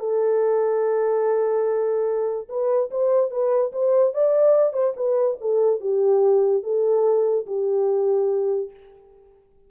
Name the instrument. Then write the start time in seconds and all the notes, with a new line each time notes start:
horn
0.00 A4
2.49 B4
2.91 C5
3.31 B4
3.73 C5
4.14 D5
4.73 C5
4.97 B4
5.41 A4
5.81 G4
6.64 A4
7.47 G4